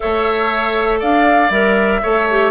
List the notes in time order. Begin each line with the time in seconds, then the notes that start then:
0.00 A3 A4 C#5 E5
0.99 D4 D5 F5
1.49 G3 A#4 E5
2.02 A3 A4 C#5
2.30 G4